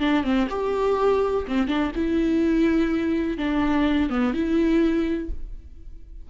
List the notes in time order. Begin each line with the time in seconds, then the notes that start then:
0.00 D4
0.24 C4
0.50 G4
1.48 C4
1.68 D4
1.95 E4
3.38 D4
4.10 B3
4.34 E4